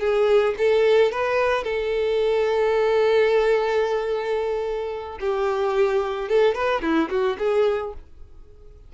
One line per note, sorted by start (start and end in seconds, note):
0.00 0.55 G#4
0.58 1.12 A4
1.12 1.64 B4
1.64 5.18 A4
5.20 6.29 G4
6.29 6.55 A4
6.55 6.82 B4
6.82 7.09 E4
7.10 7.37 F#4
7.39 7.93 G#4